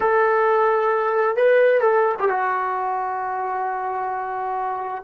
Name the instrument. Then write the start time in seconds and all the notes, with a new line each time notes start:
trombone
0.00 A4
1.36 B4
1.80 A4
2.19 G4
2.29 F#4